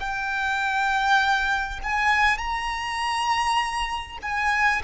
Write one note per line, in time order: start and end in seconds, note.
0.00 1.80 G5
1.84 2.38 G#5
2.38 4.18 A#5
4.23 4.83 G#5